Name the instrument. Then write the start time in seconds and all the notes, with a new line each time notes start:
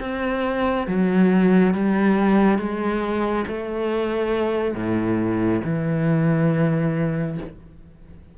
cello
0.00 C4
0.87 F#3
1.74 G3
2.58 G#3
3.47 A3
4.74 A2
5.64 E3